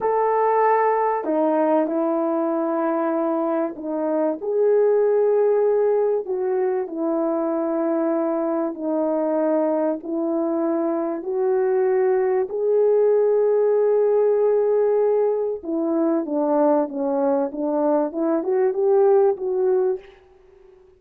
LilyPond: \new Staff \with { instrumentName = "horn" } { \time 4/4 \tempo 4 = 96 a'2 dis'4 e'4~ | e'2 dis'4 gis'4~ | gis'2 fis'4 e'4~ | e'2 dis'2 |
e'2 fis'2 | gis'1~ | gis'4 e'4 d'4 cis'4 | d'4 e'8 fis'8 g'4 fis'4 | }